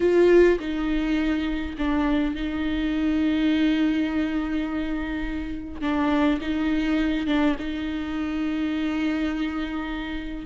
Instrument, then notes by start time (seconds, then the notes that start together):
viola
0.00 F4
0.59 D#4
1.77 D4
2.35 D#4
5.81 D4
6.41 D#4
7.27 D4
7.59 D#4